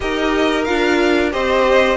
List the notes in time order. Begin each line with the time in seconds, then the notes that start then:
0.00 D#4 G4 A#4 D#5
0.64 D4 F4 F5
1.31 C4 G4 C5 D#5